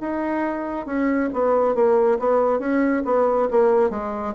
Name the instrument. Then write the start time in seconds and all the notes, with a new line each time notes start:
bassoon
0.00 D#4
0.86 C#4
1.33 B3
1.74 A#3
2.19 B3
2.59 C#4
3.04 B3
3.51 A#3
3.90 G#3